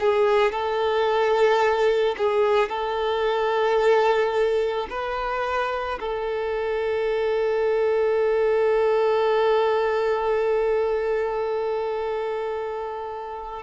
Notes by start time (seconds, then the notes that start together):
0.00 G#4
0.52 A4
2.18 G#4
2.69 A4
4.90 B4
6.00 A4